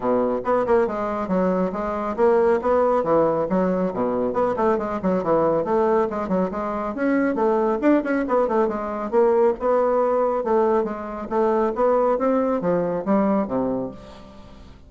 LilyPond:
\new Staff \with { instrumentName = "bassoon" } { \time 4/4 \tempo 4 = 138 b,4 b8 ais8 gis4 fis4 | gis4 ais4 b4 e4 | fis4 b,4 b8 a8 gis8 fis8 | e4 a4 gis8 fis8 gis4 |
cis'4 a4 d'8 cis'8 b8 a8 | gis4 ais4 b2 | a4 gis4 a4 b4 | c'4 f4 g4 c4 | }